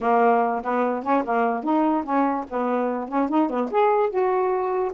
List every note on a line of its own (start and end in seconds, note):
0.00 0.62 A#3
0.63 1.03 B3
1.03 1.23 C#4
1.24 1.63 A#3
1.63 2.03 D#4
2.03 2.44 C#4
2.49 3.08 B3
3.08 3.29 C#4
3.29 3.49 D#4
3.49 3.70 B3
3.71 4.09 G#4
4.09 4.92 F#4